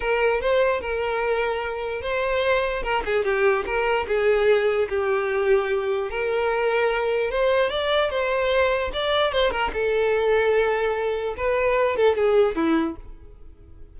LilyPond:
\new Staff \with { instrumentName = "violin" } { \time 4/4 \tempo 4 = 148 ais'4 c''4 ais'2~ | ais'4 c''2 ais'8 gis'8 | g'4 ais'4 gis'2 | g'2. ais'4~ |
ais'2 c''4 d''4 | c''2 d''4 c''8 ais'8 | a'1 | b'4. a'8 gis'4 e'4 | }